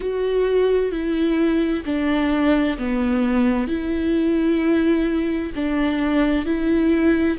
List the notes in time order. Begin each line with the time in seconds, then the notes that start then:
0.00 F#4
0.91 E4
1.85 D4
2.78 B3
3.67 E4
5.55 D4
6.45 E4